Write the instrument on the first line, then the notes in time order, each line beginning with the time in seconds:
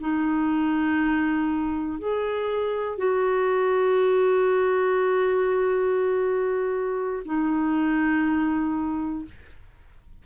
clarinet
0.00 D#4
1.98 G#4
2.98 F#4
7.25 D#4